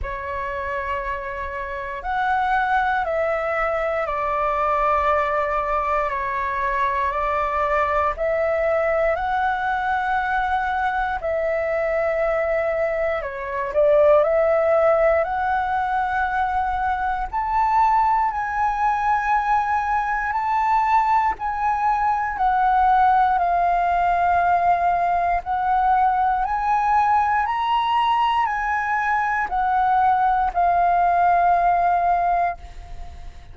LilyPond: \new Staff \with { instrumentName = "flute" } { \time 4/4 \tempo 4 = 59 cis''2 fis''4 e''4 | d''2 cis''4 d''4 | e''4 fis''2 e''4~ | e''4 cis''8 d''8 e''4 fis''4~ |
fis''4 a''4 gis''2 | a''4 gis''4 fis''4 f''4~ | f''4 fis''4 gis''4 ais''4 | gis''4 fis''4 f''2 | }